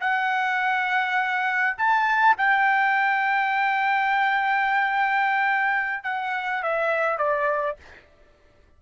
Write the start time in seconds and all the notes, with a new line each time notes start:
0.00 F#5
1.78 A5
2.37 G5
6.03 F#5
6.62 E5
7.18 D5